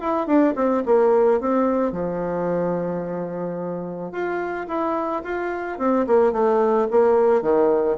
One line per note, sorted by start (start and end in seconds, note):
0.00 0.26 E4
0.26 0.54 D4
0.55 0.83 C4
0.85 1.40 A#3
1.40 1.92 C4
1.92 4.12 F3
4.12 4.67 F4
4.67 5.22 E4
5.24 5.78 F4
5.78 6.06 C4
6.07 6.32 A#3
6.32 6.87 A3
6.91 7.42 A#3
7.42 7.97 D#3